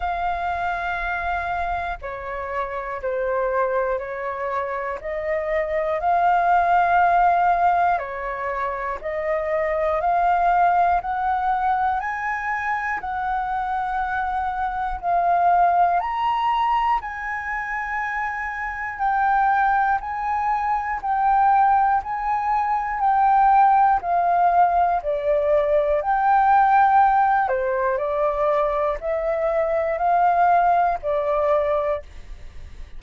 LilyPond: \new Staff \with { instrumentName = "flute" } { \time 4/4 \tempo 4 = 60 f''2 cis''4 c''4 | cis''4 dis''4 f''2 | cis''4 dis''4 f''4 fis''4 | gis''4 fis''2 f''4 |
ais''4 gis''2 g''4 | gis''4 g''4 gis''4 g''4 | f''4 d''4 g''4. c''8 | d''4 e''4 f''4 d''4 | }